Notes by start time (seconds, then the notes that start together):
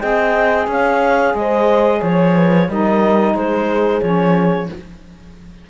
0.00 C4 G#4 D#5 G5
0.67 C#4 C#5 F5
1.34 G#3 C5 D#5
1.98 F3 C#5
2.35 B4
2.68 G3 D#4 A#4 D#5
3.34 G#3 G#4 C5
4.01 F3 C#4 C#5